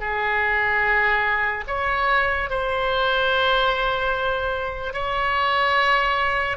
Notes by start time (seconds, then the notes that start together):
0.00 G#4
1.68 C#5
2.50 C5
4.94 C#5